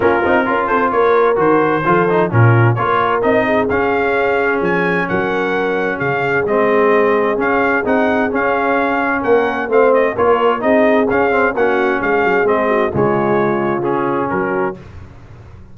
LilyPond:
<<
  \new Staff \with { instrumentName = "trumpet" } { \time 4/4 \tempo 4 = 130 ais'4. c''8 cis''4 c''4~ | c''4 ais'4 cis''4 dis''4 | f''2 gis''4 fis''4~ | fis''4 f''4 dis''2 |
f''4 fis''4 f''2 | fis''4 f''8 dis''8 cis''4 dis''4 | f''4 fis''4 f''4 dis''4 | cis''2 gis'4 ais'4 | }
  \new Staff \with { instrumentName = "horn" } { \time 4/4 f'4 ais'8 a'8 ais'2 | a'4 f'4 ais'4. gis'8~ | gis'2. ais'4~ | ais'4 gis'2.~ |
gis'1 | ais'4 c''4 ais'4 gis'4~ | gis'4 fis'4 gis'4. fis'8 | f'2. fis'4 | }
  \new Staff \with { instrumentName = "trombone" } { \time 4/4 cis'8 dis'8 f'2 fis'4 | f'8 dis'8 cis'4 f'4 dis'4 | cis'1~ | cis'2 c'2 |
cis'4 dis'4 cis'2~ | cis'4 c'4 f'4 dis'4 | cis'8 c'8 cis'2 c'4 | gis2 cis'2 | }
  \new Staff \with { instrumentName = "tuba" } { \time 4/4 ais8 c'8 cis'8 c'8 ais4 dis4 | f4 ais,4 ais4 c'4 | cis'2 f4 fis4~ | fis4 cis4 gis2 |
cis'4 c'4 cis'2 | ais4 a4 ais4 c'4 | cis'4 ais4 gis8 fis8 gis4 | cis2. fis4 | }
>>